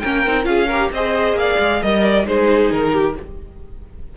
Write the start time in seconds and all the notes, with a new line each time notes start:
0.00 A#3 C#4 A#4 G5
0.27 C4 D#4
0.44 C#4 F4 G#4 F5
0.67 G4 A#4
0.92 C4 G#4 C5 D#5
1.33 A#3 F5
1.40 D5
1.59 G#3
1.82 G3 A#4 D#5
2.04 D5
2.26 G#3 D#4 G#4 C5
2.72 D#3 A#4
2.92 G4